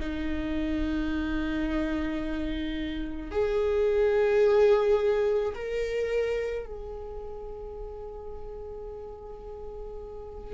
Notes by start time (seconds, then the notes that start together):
0.00 D#4
3.31 G#4
5.54 A#4
6.65 G#4